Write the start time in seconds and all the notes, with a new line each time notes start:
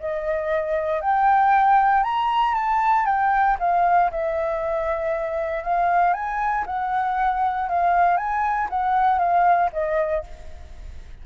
0.00 D#5
1.01 G5
2.04 A#5
2.55 A5
3.06 G5
3.60 F5
4.11 E5
5.64 F5
6.14 G#5
6.67 F#5
7.69 F5
8.17 G#5
8.70 F#5
9.19 F5
9.73 D#5